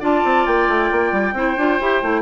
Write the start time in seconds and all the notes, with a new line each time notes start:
0.00 D4 F4 D5 A5
0.24 C4
0.46 A#3 G5
0.68 A3
0.91 A#3
1.12 G3
1.33 C4 E4 C5
1.57 D4 F4
1.80 E4 G4
2.02 A3 E4